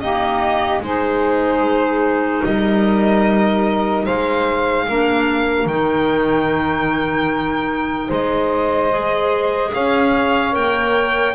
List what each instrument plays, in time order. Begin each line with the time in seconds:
0.00 clarinet A#3, double bass D#4, saxophone G4, violin D#5
0.80 double bass G#3, clarinet D#4, saxophone G#4, violin C5
2.45 double bass G3, saxophone A#4, violin D#5
4.05 double bass G#3, saxophone C5, violin F5
4.89 double bass A#3, clarinet D4, saxophone A#4
5.66 double bass D#3, clarinet D#4, violin G5
8.08 double bass G#3, saxophone C5, violin D#5
8.91 clarinet G#4
9.74 double bass C#4, saxophone C#5, violin F5
10.52 double bass A#3, clarinet A#4, violin G5